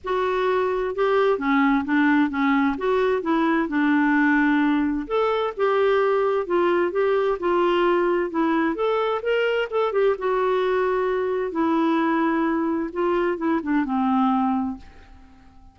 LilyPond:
\new Staff \with { instrumentName = "clarinet" } { \time 4/4 \tempo 4 = 130 fis'2 g'4 cis'4 | d'4 cis'4 fis'4 e'4 | d'2. a'4 | g'2 f'4 g'4 |
f'2 e'4 a'4 | ais'4 a'8 g'8 fis'2~ | fis'4 e'2. | f'4 e'8 d'8 c'2 | }